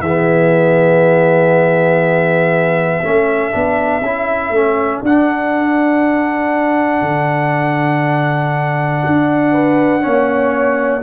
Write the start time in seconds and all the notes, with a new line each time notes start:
0.00 E3 G#4 E5
0.06 B3
3.02 A3 C#4 A4
3.51 B3 D4
4.01 C#4 E4
4.50 A3 C#4
5.02 D4 F#5
7.01 D3
9.05 D4
9.52 B4
10.01 A#3 C#4 C#5